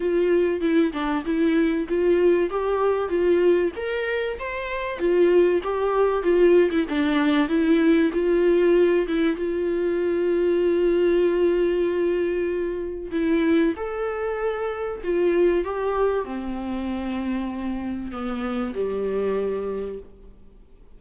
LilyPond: \new Staff \with { instrumentName = "viola" } { \time 4/4 \tempo 4 = 96 f'4 e'8 d'8 e'4 f'4 | g'4 f'4 ais'4 c''4 | f'4 g'4 f'8. e'16 d'4 | e'4 f'4. e'8 f'4~ |
f'1~ | f'4 e'4 a'2 | f'4 g'4 c'2~ | c'4 b4 g2 | }